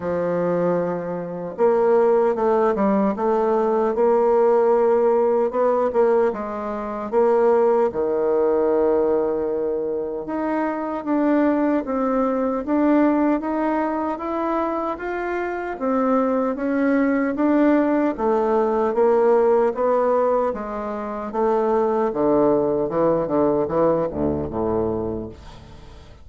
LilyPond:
\new Staff \with { instrumentName = "bassoon" } { \time 4/4 \tempo 4 = 76 f2 ais4 a8 g8 | a4 ais2 b8 ais8 | gis4 ais4 dis2~ | dis4 dis'4 d'4 c'4 |
d'4 dis'4 e'4 f'4 | c'4 cis'4 d'4 a4 | ais4 b4 gis4 a4 | d4 e8 d8 e8 d,8 a,4 | }